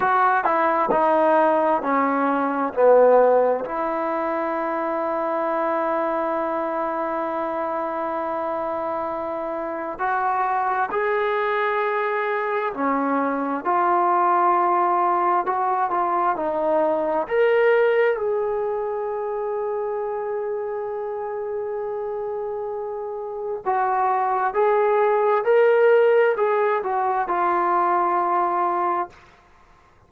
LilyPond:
\new Staff \with { instrumentName = "trombone" } { \time 4/4 \tempo 4 = 66 fis'8 e'8 dis'4 cis'4 b4 | e'1~ | e'2. fis'4 | gis'2 cis'4 f'4~ |
f'4 fis'8 f'8 dis'4 ais'4 | gis'1~ | gis'2 fis'4 gis'4 | ais'4 gis'8 fis'8 f'2 | }